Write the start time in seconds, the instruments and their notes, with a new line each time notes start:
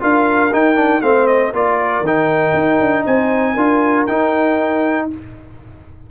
0.00 tuba D4, trombone F4, horn A#4, trumpet F5
0.53 trombone D#4, tuba D#4, trumpet G5
0.76 trombone D4
1.02 tuba A3, trombone C4, horn C5, trumpet F5
1.27 trumpet D#5
1.53 tuba A#3, trombone F4, horn A#4, trumpet D5
2.01 tuba D#3, trombone D#4, trumpet G5
2.54 tuba D#4
2.80 tuba D4
3.06 tuba C4, horn C5, trumpet G#5
3.54 tuba D4, trombone F4, horn A#4
4.07 tuba D#4, trombone D#4, trumpet G5